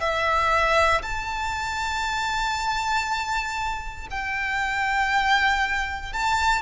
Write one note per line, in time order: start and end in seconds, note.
0.00 1.02 E5
1.02 4.07 A5
4.10 6.12 G5
6.12 6.61 A5